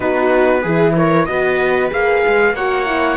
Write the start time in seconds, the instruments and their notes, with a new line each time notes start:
0.00 cello B3, horn D#4, viola F#4, trumpet B4
0.61 cello E3, horn E4, viola G#4
0.96 viola A#4, trumpet C#5
1.25 cello B3, horn F#4, viola B4, trumpet D#5
1.90 cello A#3, horn G#4, trumpet F5
2.27 cello G#3
2.53 cello A#3, horn F#4, viola C#5, trumpet F#5
2.86 horn E4